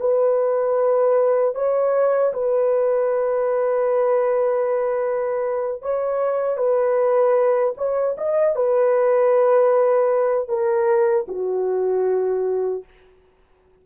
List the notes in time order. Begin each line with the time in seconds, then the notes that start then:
0.00 B4
1.55 C#5
2.33 B4
5.82 C#5
6.57 B4
7.77 C#5
8.18 D#5
8.56 B4
10.48 A#4
11.28 F#4